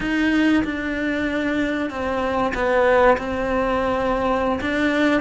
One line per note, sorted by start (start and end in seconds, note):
0.00 0.63 D#4
0.63 1.90 D4
1.90 2.53 C4
2.54 3.17 B3
3.18 4.59 C4
4.60 5.21 D4